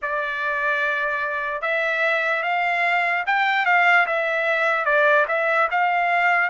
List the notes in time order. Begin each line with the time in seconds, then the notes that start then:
0.02 D5
1.61 E5
2.43 F5
3.26 G5
3.65 F5
4.06 E5
4.85 D5
5.27 E5
5.71 F5